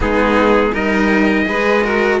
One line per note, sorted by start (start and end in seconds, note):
0.00 0.73 G#3
0.00 0.71 B3
0.00 0.72 D#4
0.00 0.74 G#4
0.72 1.46 G3
0.72 1.45 D#4
0.72 1.45 A#4
0.72 2.20 D#5
1.45 2.20 G#3
1.45 1.82 G#4
1.45 1.84 B4
1.83 2.20 F#4
1.83 2.20 A#4